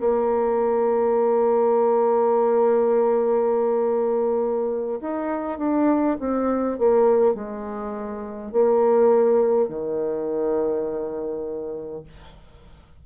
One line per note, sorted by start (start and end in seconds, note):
0.00 5.00 A#3
5.00 5.58 D#4
5.58 6.17 D4
6.19 6.78 C4
6.78 7.34 A#3
7.34 8.52 G#3
8.52 9.68 A#3
9.68 12.03 D#3